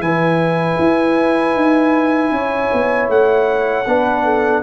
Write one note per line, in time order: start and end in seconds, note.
0.00 0.77 E3
0.00 3.86 E4
0.00 2.35 B4
0.00 3.09 G#5
0.79 1.55 E4
1.56 2.31 D#4
2.31 2.70 C#4
2.31 3.88 C#5
2.73 3.09 B3
3.09 3.86 A3
3.09 4.63 F#5
3.87 4.63 B3
3.87 4.63 D4
3.87 4.25 B4
4.25 4.63 A4